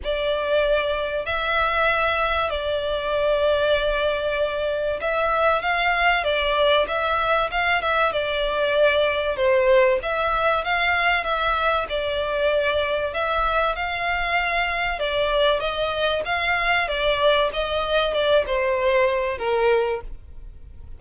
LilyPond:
\new Staff \with { instrumentName = "violin" } { \time 4/4 \tempo 4 = 96 d''2 e''2 | d''1 | e''4 f''4 d''4 e''4 | f''8 e''8 d''2 c''4 |
e''4 f''4 e''4 d''4~ | d''4 e''4 f''2 | d''4 dis''4 f''4 d''4 | dis''4 d''8 c''4. ais'4 | }